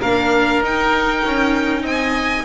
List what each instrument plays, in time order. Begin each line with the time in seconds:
0.00 double bass A#3, viola D4, oboe A#4, violin F5
0.62 double bass D#4, viola D#4, violin G5
1.25 double bass C#4
1.82 double bass C4, oboe D#5, violin G#5